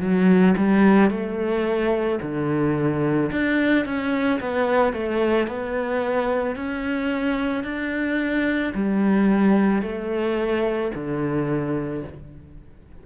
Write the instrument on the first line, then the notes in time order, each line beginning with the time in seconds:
cello
0.00 F#3
0.57 G3
1.10 A3
2.22 D3
3.32 D4
3.85 C#4
4.40 B3
4.93 A3
5.48 B3
6.56 C#4
7.64 D4
8.75 G3
9.82 A3
10.95 D3